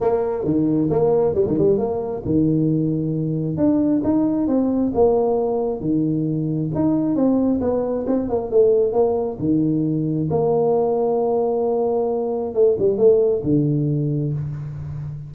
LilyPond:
\new Staff \with { instrumentName = "tuba" } { \time 4/4 \tempo 4 = 134 ais4 dis4 ais4 g16 dis16 g8 | ais4 dis2. | d'4 dis'4 c'4 ais4~ | ais4 dis2 dis'4 |
c'4 b4 c'8 ais8 a4 | ais4 dis2 ais4~ | ais1 | a8 g8 a4 d2 | }